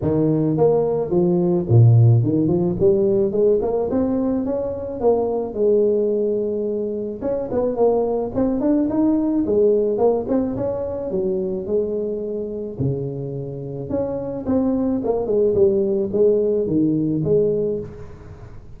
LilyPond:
\new Staff \with { instrumentName = "tuba" } { \time 4/4 \tempo 4 = 108 dis4 ais4 f4 ais,4 | dis8 f8 g4 gis8 ais8 c'4 | cis'4 ais4 gis2~ | gis4 cis'8 b8 ais4 c'8 d'8 |
dis'4 gis4 ais8 c'8 cis'4 | fis4 gis2 cis4~ | cis4 cis'4 c'4 ais8 gis8 | g4 gis4 dis4 gis4 | }